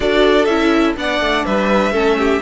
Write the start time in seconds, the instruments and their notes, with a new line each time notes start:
0.00 cello D4, viola F#4, violin A4 D5
0.45 cello C#4, viola E4, violin E5
0.96 cello B3, viola D4, violin D5 F#5
1.20 cello A3
1.44 cello G3, violin B4 E5
1.91 cello A3, viola C#4, violin A4
2.18 violin G4